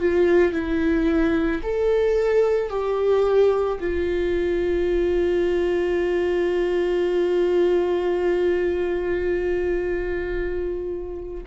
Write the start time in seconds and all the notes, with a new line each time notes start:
0.00 F4
0.52 E4
1.63 A4
2.69 G4
3.80 F4